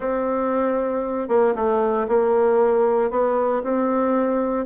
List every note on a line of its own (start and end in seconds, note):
0.00 1.28 C4
1.28 1.54 A#3
1.55 2.07 A3
2.08 3.10 A#3
3.10 3.62 B3
3.63 4.65 C4